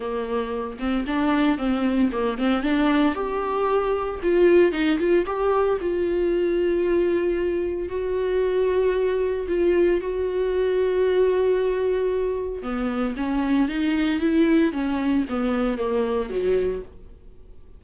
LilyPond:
\new Staff \with { instrumentName = "viola" } { \time 4/4 \tempo 4 = 114 ais4. c'8 d'4 c'4 | ais8 c'8 d'4 g'2 | f'4 dis'8 f'8 g'4 f'4~ | f'2. fis'4~ |
fis'2 f'4 fis'4~ | fis'1 | b4 cis'4 dis'4 e'4 | cis'4 b4 ais4 fis4 | }